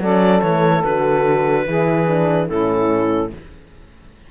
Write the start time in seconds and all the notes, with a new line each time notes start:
0.00 F#3 C#4 A4 D5
0.41 E3 A3 C#5
0.83 D3 F#4 B4
1.66 E3 E4 G#4
2.08 D4
2.48 A2 C#4 E4 A4